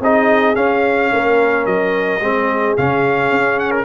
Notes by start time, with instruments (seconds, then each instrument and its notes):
0.00 tuba C4, trombone D#4, horn G#4, trumpet D#5
0.55 trombone C#4, tuba C#4, trumpet F5
1.12 tuba A#3, horn A#4
1.65 tuba F#3, trumpet D#5
2.20 tuba G#3, trombone C4
2.26 horn G#4
2.77 tuba C#3, trombone C#4, trumpet F5
3.31 tuba C#4
3.59 trumpet F#5
3.71 trumpet A#4